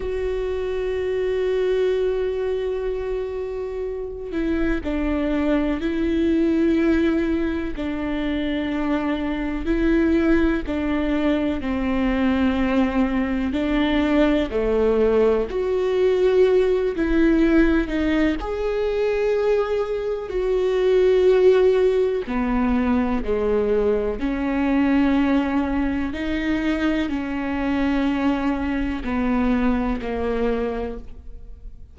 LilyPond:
\new Staff \with { instrumentName = "viola" } { \time 4/4 \tempo 4 = 62 fis'1~ | fis'8 e'8 d'4 e'2 | d'2 e'4 d'4 | c'2 d'4 a4 |
fis'4. e'4 dis'8 gis'4~ | gis'4 fis'2 b4 | gis4 cis'2 dis'4 | cis'2 b4 ais4 | }